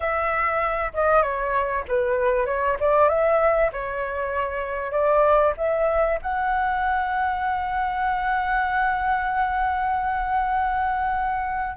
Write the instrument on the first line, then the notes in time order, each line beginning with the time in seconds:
flute
0.00 E5
0.93 D#5
1.22 C#5
1.88 B4
2.46 C#5
2.80 D5
3.08 E5
3.72 C#5
4.91 D5
5.57 E5
6.22 F#5